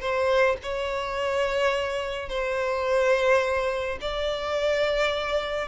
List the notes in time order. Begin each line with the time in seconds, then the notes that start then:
0.00 C5
0.63 C#5
2.29 C5
4.01 D5